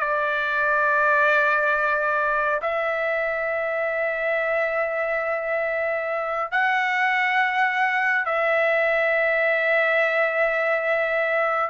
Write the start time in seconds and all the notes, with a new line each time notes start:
0.00 D5
2.62 E5
6.52 F#5
8.26 E5